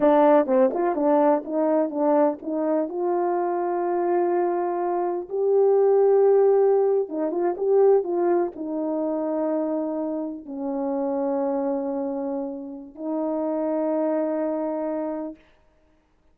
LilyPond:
\new Staff \with { instrumentName = "horn" } { \time 4/4 \tempo 4 = 125 d'4 c'8 f'8 d'4 dis'4 | d'4 dis'4 f'2~ | f'2. g'4~ | g'2~ g'8. dis'8 f'8 g'16~ |
g'8. f'4 dis'2~ dis'16~ | dis'4.~ dis'16 cis'2~ cis'16~ | cis'2. dis'4~ | dis'1 | }